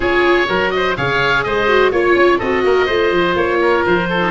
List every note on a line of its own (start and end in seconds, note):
0.00 0.48 C#4
0.00 0.47 F4
0.00 0.47 G#4
0.00 0.70 C#5
0.47 0.97 F#3
0.47 0.95 F#4
0.47 0.72 A#4
0.70 0.94 D#5
0.76 0.97 C5
0.96 1.45 C#3
0.96 1.68 G#4
0.96 1.45 C#5
0.96 1.43 F5
1.43 1.92 G#3
1.43 1.91 C5
1.43 1.91 D#5
1.68 1.92 F#4
1.91 2.15 A#3
1.91 2.40 F4
1.91 2.37 C#5
1.91 2.39 C#5
2.15 2.39 C#4
2.37 2.64 C4
2.37 2.88 F#4
2.37 2.61 A4
2.37 3.35 D#5
2.64 2.88 A#3
2.64 2.85 A#4
2.85 3.11 A3
2.85 4.20 F4
2.85 3.58 C5
3.11 3.35 F3
3.35 3.83 A#3
3.35 3.84 C#5
3.60 4.08 A#4
3.85 4.31 F3
3.85 4.31 C5
4.09 4.31 A4
4.20 4.31 D#4